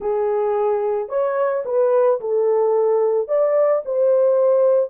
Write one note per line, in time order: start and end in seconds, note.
0.00 1.08 G#4
1.08 1.63 C#5
1.65 2.20 B4
2.20 3.28 A4
3.28 3.82 D5
3.85 4.90 C5